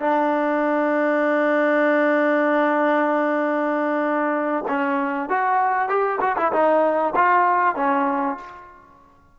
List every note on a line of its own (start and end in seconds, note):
0.00 4.64 D4
4.68 5.29 C#4
5.29 5.89 F#4
5.89 6.20 G4
6.21 6.36 F#4
6.37 6.52 E4
6.52 7.14 D#4
7.16 7.75 F4
7.75 8.37 C#4